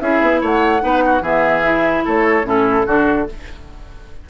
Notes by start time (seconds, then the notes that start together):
0.00 C#4 E4 G#4 E5
0.21 B3
0.41 A3 C#5 F#5
0.79 B3 D#4 B4
1.05 F#4
1.21 E3 B3 G#4 E5
1.63 E4
2.05 A3 A4 C#5
2.43 A2 C#4 E4 A4
2.86 D3 D4 F#4